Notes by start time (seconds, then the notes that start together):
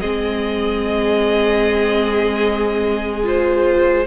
0.00 G#3 C4 G#4 D#5
3.24 F4 C5